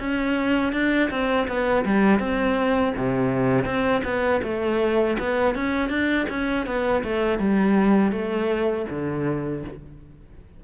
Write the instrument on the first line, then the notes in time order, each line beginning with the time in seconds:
cello
0.00 C#4
0.73 D4
1.11 C4
1.48 B3
1.86 G3
2.20 C4
2.97 C3
3.65 C4
4.05 B3
4.44 A3
5.20 B3
5.55 C#4
5.90 D4
6.30 C#4
6.67 B3
7.04 A3
7.40 G3
8.12 A3
8.90 D3